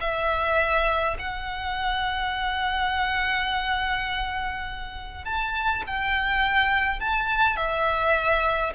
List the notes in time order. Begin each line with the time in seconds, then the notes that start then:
0.00 E5
1.18 F#5
5.25 A5
5.86 G5
6.99 A5
7.56 E5